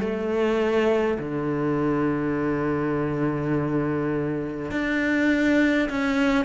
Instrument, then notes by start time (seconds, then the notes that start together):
cello
0.00 A3
1.19 D3
4.71 D4
5.89 C#4